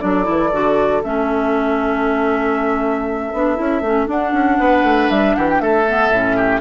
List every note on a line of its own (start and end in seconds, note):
0.00 0.28 F#3
0.00 0.24 D4
0.00 4.60 A4
0.00 1.02 D5
0.24 0.52 E3
0.24 0.49 E4
0.52 1.03 D3
0.52 1.03 F#4
1.03 3.33 A3
1.03 3.32 C#4
1.03 4.09 E5
3.33 3.58 B3
3.33 3.55 D4
3.55 3.81 C#4
3.55 3.81 E4
3.81 4.07 A3
3.81 4.07 C#4
4.07 5.85 D4
4.07 4.32 D4
4.07 5.10 F#5
4.32 4.58 C#4
4.59 4.83 B3
4.59 5.36 B4
4.83 5.09 A3
5.10 5.35 G3
5.10 5.35 E5
5.35 5.60 E3
5.35 5.62 G4
5.35 5.48 F#5
5.50 5.60 G5
5.60 6.10 A3
5.60 6.37 A4
5.60 6.60 E5
5.88 6.13 B3
6.10 6.60 A2
6.10 6.60 C#4
6.37 6.60 G4